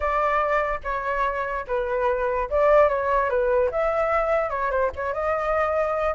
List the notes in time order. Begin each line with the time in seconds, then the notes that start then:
0.00 D5
0.83 C#5
1.67 B4
2.50 D5
2.88 C#5
3.29 B4
3.71 E5
4.50 C#5
4.70 C5
4.95 C#5
5.13 D#5